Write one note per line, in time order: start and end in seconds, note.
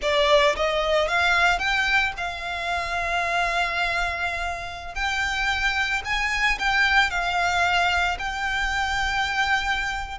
0.02 0.55 D5
0.56 1.08 D#5
1.08 1.59 F5
1.59 2.12 G5
2.17 4.95 F5
4.95 6.02 G5
6.04 6.58 G#5
6.58 7.10 G5
7.10 8.17 F5
8.18 10.18 G5